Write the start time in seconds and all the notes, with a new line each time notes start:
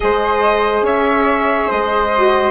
0.00 G#3 G#4 C5 D#5
0.82 C#4 C#5 E5
1.68 G#3 C5 D#5
2.16 F#4